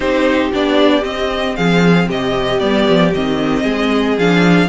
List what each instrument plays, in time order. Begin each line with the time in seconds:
0.00 cello C4, viola D#4, violin G4 C5
0.53 cello B3, viola D4, violin D5
1.01 viola C4, cello C4, violin D#5
1.56 cello F3, violin G#4 F5
2.08 cello C3, violin G4 D#5
2.59 cello G3, viola B3, violin D5
2.88 cello F3
3.14 cello D#3, viola C4, violin D#5
3.63 cello G#3, violin G#4
4.17 cello F3, viola D4, violin F5